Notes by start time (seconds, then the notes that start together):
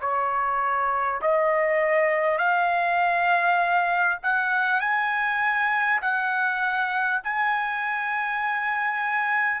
0.00 C#5
1.21 D#5
2.38 F5
4.23 F#5
4.80 G#5
6.01 F#5
7.23 G#5